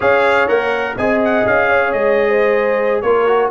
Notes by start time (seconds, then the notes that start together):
0.00 C#4 G#4 C#5 F5
0.47 A#3 A#4 F#5
0.97 C4 G#4 D#5 G#5
1.24 F#5
1.45 C#4 F5
1.69 C#5
1.92 G#3 D#5
2.28 C5
3.01 A#3 F4 A#4 C#5
3.27 F#4